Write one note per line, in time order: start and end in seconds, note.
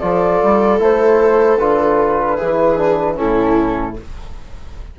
0.00 0.42 F3
0.00 0.79 F4
0.00 2.37 A4
0.00 0.79 D5
0.43 0.80 G3
0.79 1.59 A3
0.79 1.58 E4
0.79 1.58 C5
1.58 2.39 D3
1.58 2.39 F4
1.58 3.16 B4
2.37 3.20 E3
2.37 2.78 E4
2.37 3.16 G#4
2.78 3.15 D4
3.15 3.99 A2
3.15 3.94 C#4
3.15 3.98 E4
3.15 3.97 A4